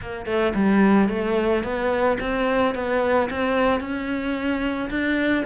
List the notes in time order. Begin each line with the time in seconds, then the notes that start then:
0.01 A#3
0.26 A3
0.55 G3
1.09 A3
1.63 B3
2.20 C4
2.74 B3
3.30 C4
3.80 C#4
4.89 D4